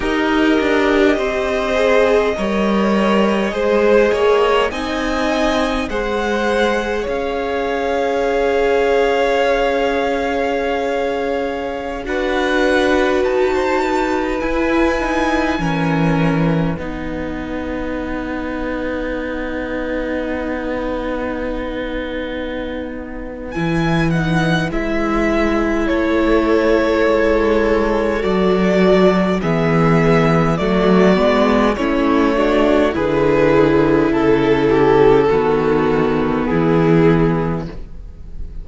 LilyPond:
<<
  \new Staff \with { instrumentName = "violin" } { \time 4/4 \tempo 4 = 51 dis''1 | gis''4 fis''4 f''2~ | f''2~ f''16 fis''4 a''8.~ | a''16 gis''2 fis''4.~ fis''16~ |
fis''1 | gis''8 fis''8 e''4 cis''2 | d''4 e''4 d''4 cis''4 | b'4 a'2 gis'4 | }
  \new Staff \with { instrumentName = "violin" } { \time 4/4 ais'4 c''4 cis''4 c''8 cis''8 | dis''4 c''4 cis''2~ | cis''2~ cis''16 b'4~ b'16 c''16 b'16~ | b'4~ b'16 ais'4 b'4.~ b'16~ |
b'1~ | b'2 a'2~ | a'4 gis'4 fis'4 e'8 fis'8 | gis'4 a'8 g'8 fis'4 e'4 | }
  \new Staff \with { instrumentName = "viola" } { \time 4/4 g'4. gis'8 ais'4 gis'4 | dis'4 gis'2.~ | gis'2~ gis'16 fis'4.~ fis'16~ | fis'16 e'8 dis'8 cis'4 dis'4.~ dis'16~ |
dis'1 | e'8 dis'8 e'2. | fis'4 b4 a8 b8 cis'8 d'8 | e'2 b2 | }
  \new Staff \with { instrumentName = "cello" } { \time 4/4 dis'8 d'8 c'4 g4 gis8 ais8 | c'4 gis4 cis'2~ | cis'2~ cis'16 d'4 dis'8.~ | dis'16 e'4 e4 b4.~ b16~ |
b1 | e4 gis4 a4 gis4 | fis4 e4 fis8 gis8 a4 | d4 cis4 dis4 e4 | }
>>